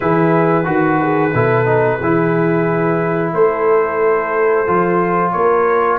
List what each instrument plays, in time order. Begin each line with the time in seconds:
0.00 tuba E3, trombone E4, horn G#4, trumpet B4
0.64 tuba D#3, trombone F#4, horn F#4
1.01 horn G#4
1.33 tuba B2, trombone E4, horn A4
1.65 trombone D#4
1.98 tuba E3, trombone E4, horn G#4
3.32 tuba A3, horn A4, trumpet C5
4.67 tuba F3, trombone F4
5.31 tuba A#3, horn A#4, trumpet C#5